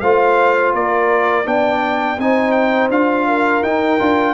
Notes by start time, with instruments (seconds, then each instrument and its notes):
0.00 tuba A3, trombone F4, horn C5, trumpet F5
0.74 tuba A#3, horn A#4, trumpet D5
1.45 tuba B3, trombone D4, horn D5, trumpet G5
2.18 tuba C4, trombone D#4, horn C5, trumpet G#5
2.51 trumpet G5
2.89 tuba D4, trombone F4, trumpet F5
3.27 horn A#4
3.62 tuba D#4, trombone D#4, trumpet G5
3.99 tuba D4, trombone F4